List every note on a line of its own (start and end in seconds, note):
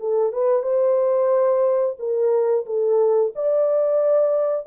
0.00 0.33 A4
0.33 0.63 B4
0.63 1.96 C5
1.99 2.66 A#4
2.66 3.33 A4
3.36 4.67 D5